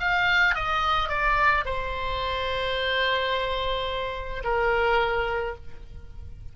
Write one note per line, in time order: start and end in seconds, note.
0.00 0.55 F5
0.55 1.09 D#5
1.09 1.65 D5
1.65 4.43 C5
4.44 5.55 A#4